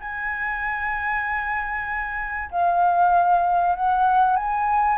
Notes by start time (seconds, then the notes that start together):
0.00 G#5
2.51 F5
3.75 F#5
4.36 G#5